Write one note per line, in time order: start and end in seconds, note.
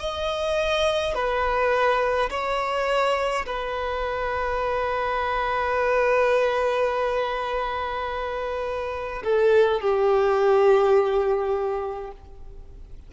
0.00 1.15 D#5
1.15 2.30 B4
2.30 3.46 C#5
3.46 9.23 B4
9.24 9.81 A4
9.81 12.12 G4